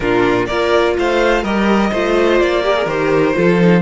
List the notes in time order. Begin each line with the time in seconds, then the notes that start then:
0.00 A#2 D4 F4 A#4
0.46 A#3 F4 A#4 D5
0.98 A3 C5 F5
1.42 G3 G4 A#4 D#5
1.90 A3 F4 C5
2.40 A#3 D5
2.63 G4 A#4
2.75 G#4
2.86 D#3 G4 C5
3.33 F3 F4 A4
3.59 D#4